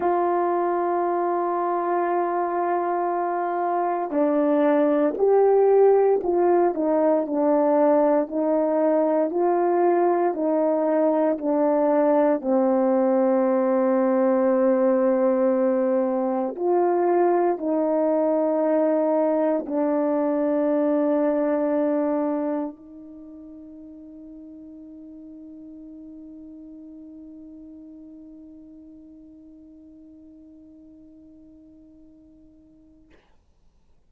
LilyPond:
\new Staff \with { instrumentName = "horn" } { \time 4/4 \tempo 4 = 58 f'1 | d'4 g'4 f'8 dis'8 d'4 | dis'4 f'4 dis'4 d'4 | c'1 |
f'4 dis'2 d'4~ | d'2 dis'2~ | dis'1~ | dis'1 | }